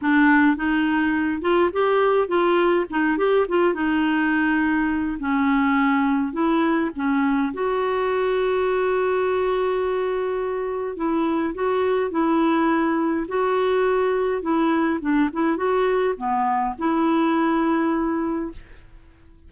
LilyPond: \new Staff \with { instrumentName = "clarinet" } { \time 4/4 \tempo 4 = 104 d'4 dis'4. f'8 g'4 | f'4 dis'8 g'8 f'8 dis'4.~ | dis'4 cis'2 e'4 | cis'4 fis'2.~ |
fis'2. e'4 | fis'4 e'2 fis'4~ | fis'4 e'4 d'8 e'8 fis'4 | b4 e'2. | }